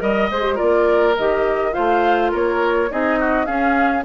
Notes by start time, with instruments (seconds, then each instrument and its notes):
0.00 bassoon G3, clarinet A#4, flute D#5, oboe D#5
0.30 bassoon G#3, clarinet G#4, flute C5
0.42 clarinet G4
0.55 clarinet F4, oboe A#4, flute D5
0.61 bassoon A#3
1.17 bassoon D#3, clarinet G4, flute D#5
1.72 bassoon A3, clarinet F4, oboe C5, flute F5
2.31 bassoon A#3, oboe A#4, flute C#5
2.90 bassoon C4, clarinet D#4, oboe G#4, flute D#5
3.19 oboe F#4
3.45 clarinet C#4, bassoon C#4, oboe G#4, flute F5